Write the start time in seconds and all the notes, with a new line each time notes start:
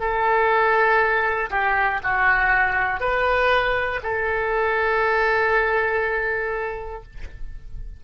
0.00 A4
1.50 G4
2.04 F#4
3.00 B4
4.03 A4